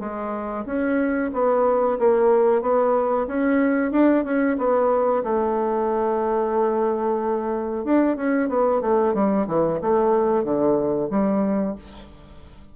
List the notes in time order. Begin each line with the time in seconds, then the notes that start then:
0.00 G#3
0.66 C#4
1.34 B3
1.99 A#3
2.62 B3
3.28 C#4
3.92 D4
4.25 C#4
4.58 B3
5.24 A3
7.85 D4
8.17 C#4
8.49 B3
8.82 A3
9.14 G3
9.48 E3
9.82 A3
10.44 D3
11.10 G3